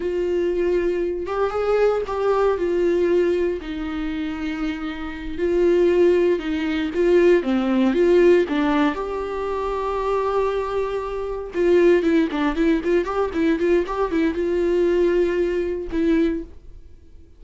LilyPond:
\new Staff \with { instrumentName = "viola" } { \time 4/4 \tempo 4 = 117 f'2~ f'8 g'8 gis'4 | g'4 f'2 dis'4~ | dis'2~ dis'8 f'4.~ | f'8 dis'4 f'4 c'4 f'8~ |
f'8 d'4 g'2~ g'8~ | g'2~ g'8 f'4 e'8 | d'8 e'8 f'8 g'8 e'8 f'8 g'8 e'8 | f'2. e'4 | }